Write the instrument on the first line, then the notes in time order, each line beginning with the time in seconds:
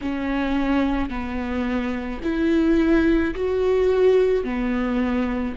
viola
0.01 C#4
1.09 B3
2.23 E4
3.34 F#4
4.44 B3